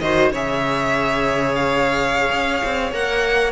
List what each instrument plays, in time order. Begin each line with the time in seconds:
0.00 cello D#3, viola F#4, violin C5 D#5
0.32 cello C#3, viola G#4, violin C#5 E5
1.55 violin F5
2.32 cello C#4
2.64 cello C4
2.92 cello A#3, viola A#4, violin F#5